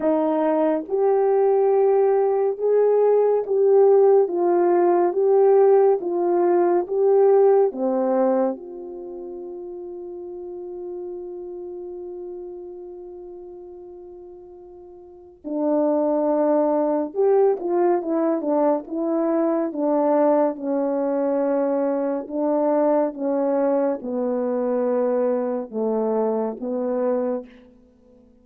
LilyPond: \new Staff \with { instrumentName = "horn" } { \time 4/4 \tempo 4 = 70 dis'4 g'2 gis'4 | g'4 f'4 g'4 f'4 | g'4 c'4 f'2~ | f'1~ |
f'2 d'2 | g'8 f'8 e'8 d'8 e'4 d'4 | cis'2 d'4 cis'4 | b2 a4 b4 | }